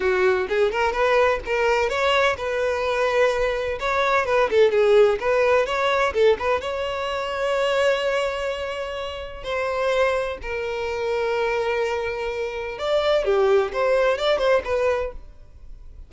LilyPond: \new Staff \with { instrumentName = "violin" } { \time 4/4 \tempo 4 = 127 fis'4 gis'8 ais'8 b'4 ais'4 | cis''4 b'2. | cis''4 b'8 a'8 gis'4 b'4 | cis''4 a'8 b'8 cis''2~ |
cis''1 | c''2 ais'2~ | ais'2. d''4 | g'4 c''4 d''8 c''8 b'4 | }